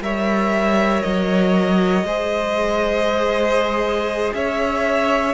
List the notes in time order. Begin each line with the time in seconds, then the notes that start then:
0.00 G3 A#4 C#5 E5
1.02 F#3 D#5
2.03 G#3 G#4 C5
4.34 C#4 C#5 E5